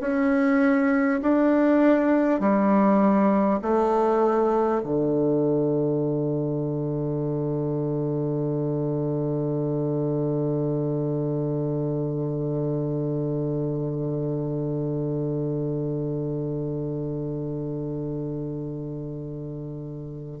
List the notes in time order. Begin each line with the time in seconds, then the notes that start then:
0.00 C#4
1.22 D4
2.39 G3
3.62 A3
4.83 D3